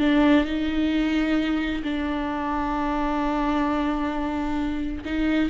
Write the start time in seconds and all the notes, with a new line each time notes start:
0.00 D4
0.45 D#4
1.84 D4
5.05 D#4